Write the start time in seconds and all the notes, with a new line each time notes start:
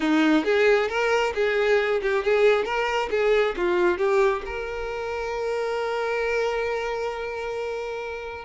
0.00 D#4
0.44 G#4
0.88 A#4
1.34 G#4
2.02 G4
2.23 G#4
2.64 A#4
3.10 G#4
3.57 F4
3.98 G4
4.45 A#4